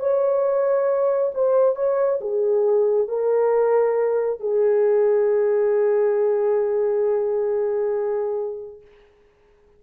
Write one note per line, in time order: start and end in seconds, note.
0.00 1.32 C#5
1.35 1.76 C5
1.76 2.20 C#5
2.21 3.08 G#4
3.08 4.40 A#4
4.40 8.82 G#4